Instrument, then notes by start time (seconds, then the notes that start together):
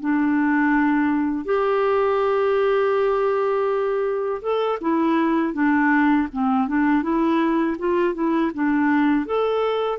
clarinet
0.00 D4
1.45 G4
4.42 A4
4.81 E4
5.54 D4
6.33 C4
6.68 D4
7.03 E4
7.79 F4
8.14 E4
8.55 D4
9.26 A4